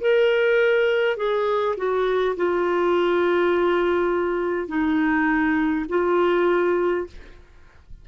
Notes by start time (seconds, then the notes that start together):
0.00 A#4
1.17 G#4
1.77 F#4
2.36 F4
4.68 D#4
5.89 F4